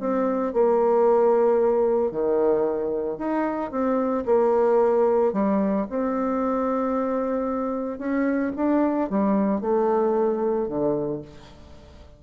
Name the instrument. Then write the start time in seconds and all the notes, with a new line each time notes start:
bassoon
0.00 C4
0.53 A#3
2.11 D#3
3.18 D#4
3.71 C4
4.26 A#3
5.33 G3
5.90 C4
7.98 C#4
8.56 D4
9.10 G3
9.61 A3
10.68 D3